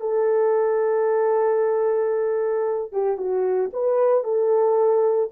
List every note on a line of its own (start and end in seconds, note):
0.00 2.92 A4
2.92 3.17 G4
3.17 3.70 F#4
3.73 4.24 B4
4.24 5.30 A4